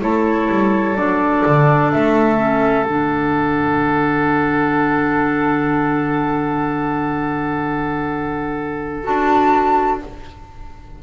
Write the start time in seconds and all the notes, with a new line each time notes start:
0.00 A3 E4 A4 C#5
0.49 G3
0.95 F#3 D4 D5
1.45 D3
1.92 A3 E5
2.37 C#4
2.83 D3 D4 F#5
9.04 D4 F#4 A5